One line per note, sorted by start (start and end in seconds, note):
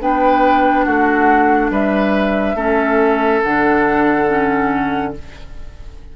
0.00 0.86 B3
0.00 2.57 D4
0.00 0.85 B4
0.00 0.84 G5
0.84 1.70 A3
0.84 1.71 F#4
0.84 1.70 F#5
1.70 2.54 G3
1.70 2.55 B4
1.70 3.42 E5
2.54 3.40 A3
2.54 3.42 C#4
2.54 5.12 A4
3.42 5.16 D3
3.42 4.27 D4
3.42 5.13 F#5
4.27 5.13 C#4